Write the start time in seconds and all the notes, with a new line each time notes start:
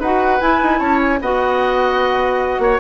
0.00 D#4 F#4 B4 F#5
0.41 E4 G#5
0.63 D#4
0.79 C#4 C#5 A5
1.01 G#5
1.21 B3 F#4 D#5 F#5
2.59 A#3 C#5